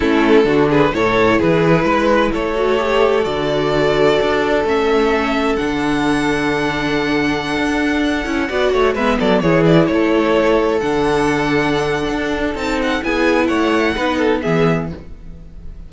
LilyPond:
<<
  \new Staff \with { instrumentName = "violin" } { \time 4/4 \tempo 4 = 129 a'4. b'8 cis''4 b'4~ | b'4 cis''2 d''4~ | d''2 e''2 | fis''1~ |
fis''2.~ fis''16 e''8 d''16~ | d''16 cis''8 d''8 cis''2 fis''8.~ | fis''2. a''8 fis''8 | gis''4 fis''2 e''4 | }
  \new Staff \with { instrumentName = "violin" } { \time 4/4 e'4 fis'8 gis'8 a'4 gis'4 | b'4 a'2.~ | a'1~ | a'1~ |
a'2~ a'16 d''8 cis''8 b'8 a'16~ | a'16 gis'4 a'2~ a'8.~ | a'1 | gis'4 cis''4 b'8 a'8 gis'4 | }
  \new Staff \with { instrumentName = "viola" } { \time 4/4 cis'4 d'4 e'2~ | e'4. fis'8 g'4 fis'4~ | fis'2 cis'2 | d'1~ |
d'4.~ d'16 e'8 fis'4 b8.~ | b16 e'2. d'8.~ | d'2. dis'4 | e'2 dis'4 b4 | }
  \new Staff \with { instrumentName = "cello" } { \time 4/4 a4 d4 a,4 e4 | gis4 a2 d4~ | d4 d'4 a2 | d1~ |
d16 d'4. cis'8 b8 a8 gis8 fis16~ | fis16 e4 a2 d8.~ | d2 d'4 c'4 | b4 a4 b4 e4 | }
>>